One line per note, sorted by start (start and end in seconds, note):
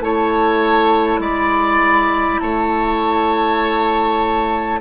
0.00 1.19 A3
0.00 4.80 E4
0.00 1.21 C#5
0.00 1.20 A5
1.19 2.39 G#3
1.19 2.41 D5
1.19 2.40 B5
2.40 4.80 A3
2.40 4.80 C#5
2.40 4.80 A5